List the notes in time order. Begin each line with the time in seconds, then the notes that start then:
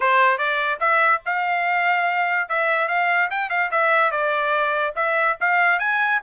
0.00 C5
0.37 D5
0.80 E5
1.25 F5
2.48 E5
2.88 F5
3.30 G5
3.49 F5
3.71 E5
4.11 D5
4.95 E5
5.40 F5
5.79 G#5